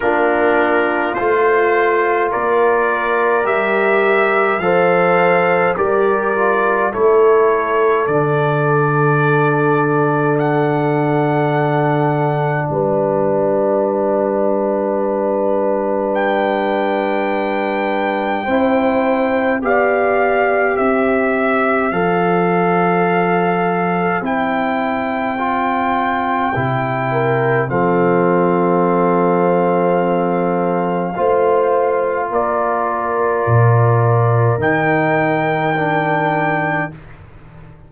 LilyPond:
<<
  \new Staff \with { instrumentName = "trumpet" } { \time 4/4 \tempo 4 = 52 ais'4 c''4 d''4 e''4 | f''4 d''4 cis''4 d''4~ | d''4 fis''2 d''4~ | d''2 g''2~ |
g''4 f''4 e''4 f''4~ | f''4 g''2. | f''1 | d''2 g''2 | }
  \new Staff \with { instrumentName = "horn" } { \time 4/4 f'2 ais'2 | c''4 ais'4 a'2~ | a'2. b'4~ | b'1 |
c''4 d''4 c''2~ | c''2.~ c''8 ais'8 | a'2. c''4 | ais'1 | }
  \new Staff \with { instrumentName = "trombone" } { \time 4/4 d'4 f'2 g'4 | a'4 g'8 f'8 e'4 d'4~ | d'1~ | d'1 |
e'4 g'2 a'4~ | a'4 e'4 f'4 e'4 | c'2. f'4~ | f'2 dis'4 d'4 | }
  \new Staff \with { instrumentName = "tuba" } { \time 4/4 ais4 a4 ais4 g4 | f4 g4 a4 d4~ | d2. g4~ | g1 |
c'4 b4 c'4 f4~ | f4 c'2 c4 | f2. a4 | ais4 ais,4 dis2 | }
>>